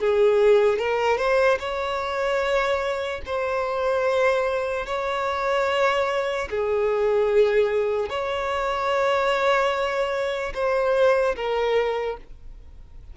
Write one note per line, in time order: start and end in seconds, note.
0.00 0.79 G#4
0.79 1.18 A#4
1.18 1.58 C5
1.60 3.22 C#5
3.26 4.86 C5
4.86 6.49 C#5
6.50 8.10 G#4
8.10 10.53 C#5
10.54 11.36 C5
11.36 12.17 A#4